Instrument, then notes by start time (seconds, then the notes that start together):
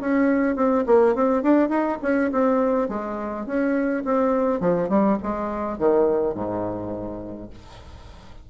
bassoon
0.00 C#4
0.55 C4
0.86 A#3
1.15 C4
1.42 D4
1.69 D#4
2.02 C#4
2.32 C4
2.88 G#3
3.46 C#4
4.04 C4
4.60 F3
4.89 G3
5.22 G#3
5.78 D#3
6.34 G#2